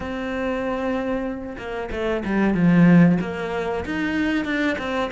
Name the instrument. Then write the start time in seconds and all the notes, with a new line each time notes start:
cello
0.00 C4
1.58 A#3
1.91 A3
2.24 G3
2.54 F3
3.21 A#3
3.85 D#4
4.44 D4
4.78 C4